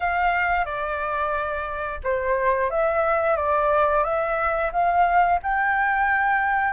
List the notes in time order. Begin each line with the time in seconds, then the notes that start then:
0.00 F5
0.65 D5
2.03 C5
2.70 E5
3.36 D5
4.04 E5
4.72 F5
5.42 G5